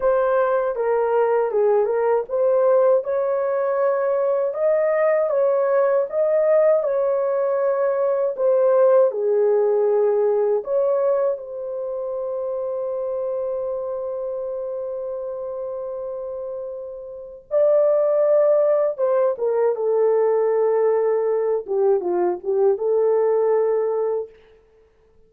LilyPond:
\new Staff \with { instrumentName = "horn" } { \time 4/4 \tempo 4 = 79 c''4 ais'4 gis'8 ais'8 c''4 | cis''2 dis''4 cis''4 | dis''4 cis''2 c''4 | gis'2 cis''4 c''4~ |
c''1~ | c''2. d''4~ | d''4 c''8 ais'8 a'2~ | a'8 g'8 f'8 g'8 a'2 | }